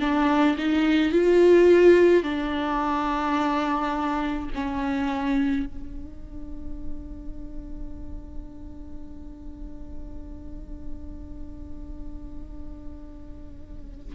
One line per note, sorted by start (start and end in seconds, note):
0.00 0.57 D4
0.58 1.12 D#4
1.12 2.23 F4
2.23 4.50 D4
4.55 5.67 C#4
5.67 14.16 D4